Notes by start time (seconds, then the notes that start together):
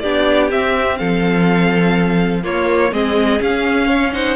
0.00 B3 D4 G4 D5
0.51 C4 E5
0.98 F3 A4 F5
2.43 A#3 F4 C#5
2.92 G#3 C4 G#4 D#5
3.40 C#4 F5
3.87 C#5
4.12 D#4 C5 F#5